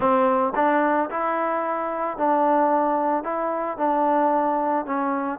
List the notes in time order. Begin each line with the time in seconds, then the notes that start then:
0.00 C4
0.55 D4
1.10 E4
2.17 D4
3.23 E4
3.77 D4
4.85 C#4